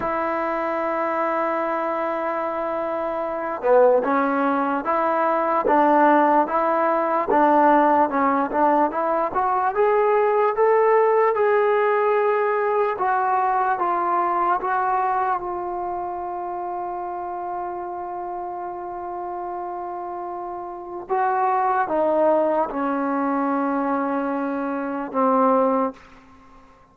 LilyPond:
\new Staff \with { instrumentName = "trombone" } { \time 4/4 \tempo 4 = 74 e'1~ | e'8 b8 cis'4 e'4 d'4 | e'4 d'4 cis'8 d'8 e'8 fis'8 | gis'4 a'4 gis'2 |
fis'4 f'4 fis'4 f'4~ | f'1~ | f'2 fis'4 dis'4 | cis'2. c'4 | }